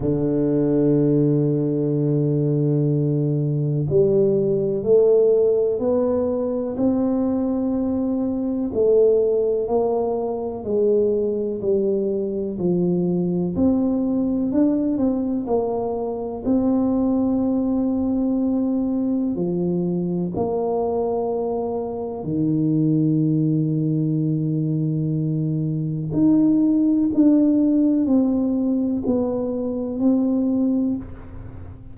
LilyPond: \new Staff \with { instrumentName = "tuba" } { \time 4/4 \tempo 4 = 62 d1 | g4 a4 b4 c'4~ | c'4 a4 ais4 gis4 | g4 f4 c'4 d'8 c'8 |
ais4 c'2. | f4 ais2 dis4~ | dis2. dis'4 | d'4 c'4 b4 c'4 | }